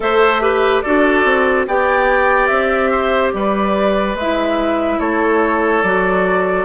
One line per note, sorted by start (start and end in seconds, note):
0.00 0.83 A3
0.00 0.41 A4
0.00 0.42 C5
0.00 0.81 E5
0.41 0.83 G4
0.41 0.83 B4
0.81 1.24 D4
0.81 1.67 F#4
0.81 1.66 A4
0.81 1.64 D5
1.24 1.66 C4
1.67 2.49 B3
1.67 4.17 G4
1.67 2.90 D5
1.67 2.46 G5
2.46 3.33 C4
2.46 3.30 E5
2.90 3.32 C5
3.33 4.14 G3
3.33 4.99 B4
3.33 4.16 D5
4.14 4.98 G#3
4.14 4.99 E5
4.21 5.84 E4
4.99 5.83 A3
4.99 6.65 A4
4.99 5.82 C#5
5.82 6.65 F#3
5.82 6.65 F#4
5.82 6.65 D5